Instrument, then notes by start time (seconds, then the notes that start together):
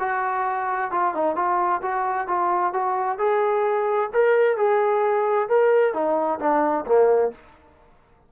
trombone
0.00 F#4
0.92 F4
1.15 D#4
1.36 F4
1.82 F#4
2.28 F4
2.74 F#4
3.19 G#4
4.14 A#4
4.58 G#4
5.49 A#4
5.94 D#4
6.40 D4
6.86 A#3